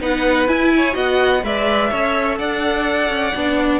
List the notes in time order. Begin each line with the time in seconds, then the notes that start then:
0.00 B3 D#4 B4 F#5
0.47 E4 G#5
0.76 C#5
0.92 B3 F#4 D#5 F#5
1.43 G#3 B4 D5 E5
1.90 C#4 A4 C#5
2.38 D4 D5 F#5
3.09 C#4
3.35 B3 D4